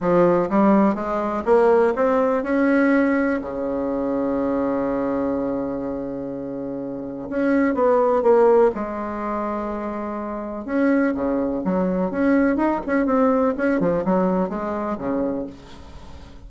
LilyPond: \new Staff \with { instrumentName = "bassoon" } { \time 4/4 \tempo 4 = 124 f4 g4 gis4 ais4 | c'4 cis'2 cis4~ | cis1~ | cis2. cis'4 |
b4 ais4 gis2~ | gis2 cis'4 cis4 | fis4 cis'4 dis'8 cis'8 c'4 | cis'8 f8 fis4 gis4 cis4 | }